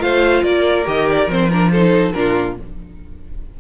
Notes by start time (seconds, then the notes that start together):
0.00 A3 F4 C5 F5
0.43 A#3 A#4 D5
0.85 D#3 G4 D#5
1.10 D5
1.28 F3 C4 C5
1.51 D4 A#4
1.72 D#4 A4 C5
2.13 A#2 D4 F4 A#4